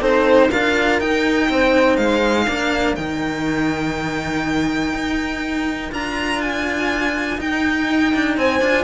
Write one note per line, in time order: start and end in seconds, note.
0.00 0.50 C4
0.00 0.50 D#4
0.00 0.49 A4
0.00 0.51 C5
0.51 0.99 D4
0.51 1.02 F4
0.51 1.49 A#4
0.51 1.00 F5
0.99 1.49 D#4
0.99 2.47 D#4
0.99 1.97 G5
1.49 1.98 C4
1.49 2.45 C5
1.97 2.47 G#3
1.97 2.95 F5
2.45 2.97 A#3
2.45 2.96 D4
2.45 8.35 A#4
2.96 4.93 D#3
2.96 5.91 D#4
2.96 5.91 G5
4.93 5.92 D#4
5.91 7.40 D4
5.91 7.38 F4
5.91 6.42 A#5
6.42 7.40 G#5
7.38 8.61 D#4
7.38 8.14 D#4
7.38 8.38 G5
8.14 8.37 D4
8.37 8.61 C4
8.37 8.84 C5
8.37 8.84 G#5
8.61 8.84 D4
8.61 8.84 F4